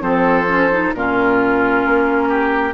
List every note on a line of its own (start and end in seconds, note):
0.00 0.93 F3
0.00 0.45 C4
0.00 0.95 A4
0.00 0.94 C5
0.48 0.71 C#4
0.72 0.95 D#4
0.94 1.85 A#2
0.94 2.74 C#4
0.94 2.29 F4
0.94 2.74 A#4
1.86 2.74 A#3
2.29 2.74 G4